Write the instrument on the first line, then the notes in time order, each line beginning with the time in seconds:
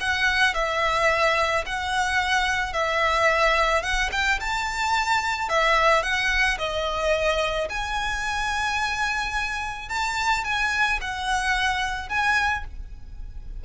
violin
0.00 F#5
0.54 E5
1.66 F#5
2.73 E5
3.82 F#5
4.12 G5
4.40 A5
5.49 E5
6.03 F#5
6.58 D#5
7.69 G#5
9.89 A5
10.44 G#5
11.01 F#5
12.09 G#5